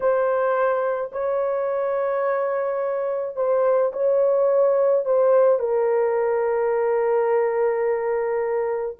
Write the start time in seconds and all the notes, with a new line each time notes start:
0.00 C5
1.12 C#5
3.36 C5
3.93 C#5
5.05 C5
5.59 A#4